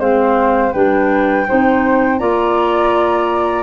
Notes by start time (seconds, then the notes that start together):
0.00 G#3 C4 C5 F5
0.72 G3 D4 B4 G5
1.47 C4 D#4 C5
2.19 A#3 F4 D5 A#5